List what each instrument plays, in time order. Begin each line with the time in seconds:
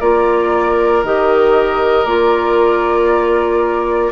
0.00 bassoon A#3, clarinet F4, oboe A#4, flute D5
1.03 bassoon D#3, clarinet G4, flute D#5
2.05 bassoon A#3, clarinet F4, flute D5